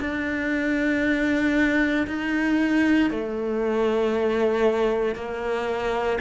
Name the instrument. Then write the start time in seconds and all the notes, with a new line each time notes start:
cello
0.00 D4
2.07 D#4
3.10 A3
5.15 A#3